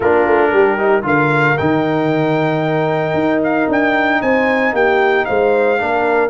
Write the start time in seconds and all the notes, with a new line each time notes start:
0.00 A#3 D4 F4 A#4
0.26 A3
0.51 G3 G4
0.78 D#4
1.02 D3 F4 A#4 F5
1.57 D#3 D#4 G5
3.13 D#4
3.43 F5
3.68 D4 G5
4.21 C4 C5 G#5
4.72 A#3 G4 G5
5.25 G#3 C5 F5
5.78 A#3 D4 A#4